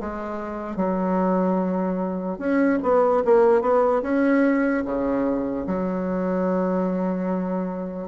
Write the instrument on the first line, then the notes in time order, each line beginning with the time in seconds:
bassoon
0.00 G#3
0.76 F#3
2.38 C#4
2.82 B3
3.25 A#3
3.61 B3
4.02 C#4
4.85 C#3
5.67 F#3